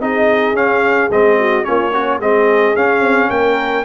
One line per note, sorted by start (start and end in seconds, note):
0.00 0.53 C4
0.00 0.55 D#4
0.00 1.39 G#4
0.00 0.56 D#5
0.53 1.08 C#4
0.53 1.10 C#4
0.53 1.11 F5
1.10 1.65 G#3
1.10 1.64 C4
1.10 1.64 D#5
1.39 1.66 F#4
1.64 2.19 A#3
1.64 1.91 C#4
1.64 1.92 F4
1.64 2.19 C#5
1.92 2.19 C#4
1.92 2.20 F#4
2.19 2.74 G#3
2.19 2.75 C4
2.19 3.30 G#4
2.19 2.76 D#5
2.75 3.84 C#4
2.75 3.00 C#4
2.75 3.30 F5
3.00 3.28 C4
3.30 3.84 A#3
3.30 3.84 A#4
3.30 3.84 G5